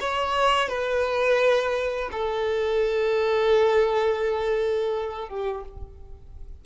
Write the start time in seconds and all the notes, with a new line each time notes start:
0.00 C#5
0.69 B4
2.11 A4
5.28 G4